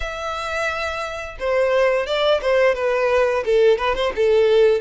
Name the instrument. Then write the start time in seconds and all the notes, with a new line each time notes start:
violin
0.00 E5
1.39 C5
2.06 D5
2.41 C5
2.75 B4
3.45 A4
3.78 B4
3.95 C5
4.15 A4